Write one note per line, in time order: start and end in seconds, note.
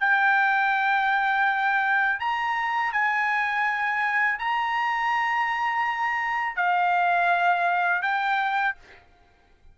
0.00 2.20 G5
2.20 2.93 A#5
2.93 4.39 G#5
4.39 6.56 A#5
6.56 8.02 F5
8.02 8.75 G5